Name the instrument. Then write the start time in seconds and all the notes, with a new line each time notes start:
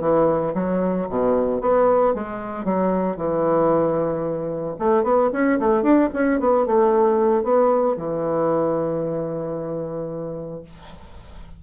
bassoon
0.00 E3
0.54 F#3
1.09 B2
1.61 B3
2.14 G#3
2.64 F#3
3.16 E3
4.79 A3
5.03 B3
5.32 C#4
5.59 A3
5.82 D4
6.13 C#4
6.40 B3
6.66 A3
7.43 B3
7.96 E3